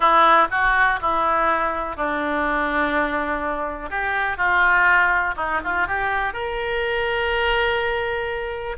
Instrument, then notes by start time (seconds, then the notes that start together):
oboe
0.00 E4
0.51 F#4
1.01 E4
1.96 D4
3.90 G4
4.37 F4
5.36 D#4
5.64 F4
5.87 G4
6.33 A#4